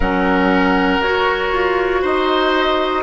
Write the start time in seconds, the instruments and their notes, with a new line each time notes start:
0.00 bassoon F#3, clarinet C#4, oboe A#4, flute F#5
0.99 bassoon F#4, clarinet F#4, flute C#5
1.51 bassoon F4
2.01 bassoon D#4, oboe C5, flute D#5